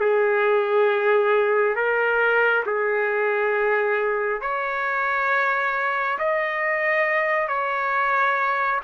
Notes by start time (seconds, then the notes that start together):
0.00 G#4
1.75 A#4
2.66 G#4
4.41 C#5
6.18 D#5
7.48 C#5